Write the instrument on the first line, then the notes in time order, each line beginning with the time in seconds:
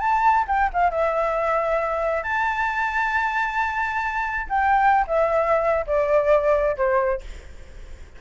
flute
0.00 A5
0.48 G5
0.73 F5
0.90 E5
2.23 A5
4.49 G5
5.07 E5
5.87 D5
6.77 C5